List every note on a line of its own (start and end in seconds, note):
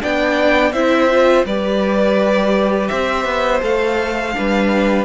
0.00 0.72 B3
0.00 0.72 D4
0.00 0.73 D5
0.00 0.72 G5
0.72 1.44 C4
0.72 1.10 E4
0.72 1.45 C5
0.72 1.44 E5
1.10 1.47 F4
1.45 2.89 G3
1.45 3.60 G4
1.45 2.90 B4
1.45 2.88 D5
2.88 3.25 C4
2.88 4.35 C5
2.88 3.60 E5
3.25 3.61 B3
3.60 4.35 A3
3.60 4.32 A4
3.60 5.05 F5
4.32 5.05 D4
4.32 5.05 B4
4.38 5.05 G3